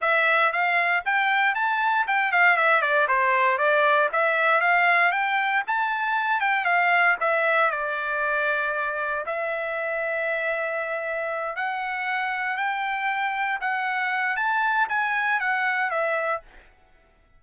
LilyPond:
\new Staff \with { instrumentName = "trumpet" } { \time 4/4 \tempo 4 = 117 e''4 f''4 g''4 a''4 | g''8 f''8 e''8 d''8 c''4 d''4 | e''4 f''4 g''4 a''4~ | a''8 g''8 f''4 e''4 d''4~ |
d''2 e''2~ | e''2~ e''8 fis''4.~ | fis''8 g''2 fis''4. | a''4 gis''4 fis''4 e''4 | }